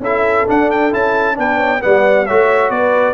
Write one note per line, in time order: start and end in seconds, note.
0.00 0.45 C#4
0.00 0.47 E4
0.00 1.37 A4
0.00 0.49 E5
0.47 0.92 D4
0.47 0.93 D4
0.47 0.71 F#5
0.71 0.93 G5
0.92 1.38 C#4
0.92 1.35 E4
0.92 1.39 A5
1.35 1.83 B3
1.35 1.80 D4
1.35 1.57 B4
1.35 1.82 G5
1.57 1.80 C#5
1.81 2.30 G3
1.81 2.26 B3
1.81 2.27 D5
1.81 2.26 F#5
2.26 2.70 A3
2.26 3.15 F#4
2.26 2.72 C#5
2.26 2.71 E5
2.70 3.15 B3
2.70 3.15 B4
2.70 3.15 D5